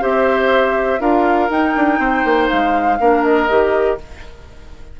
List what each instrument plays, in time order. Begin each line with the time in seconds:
0.00 bassoon C4, clarinet G4, oboe C5, flute E5
0.99 bassoon D4, clarinet F4, oboe A#4, flute F5
1.49 clarinet D#4, bassoon D#4, flute G5
1.76 bassoon D4
1.99 bassoon C4, oboe C5
2.24 bassoon A#3
2.49 bassoon G#3, flute F5
2.99 bassoon A#3, clarinet D4, oboe A#4
3.23 flute D#5
3.48 bassoon D#3, clarinet G4